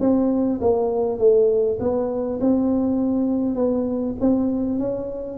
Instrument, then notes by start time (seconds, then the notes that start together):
tuba
0.00 C4
0.61 A#3
1.18 A3
1.79 B3
2.40 C4
3.55 B3
4.20 C4
4.79 C#4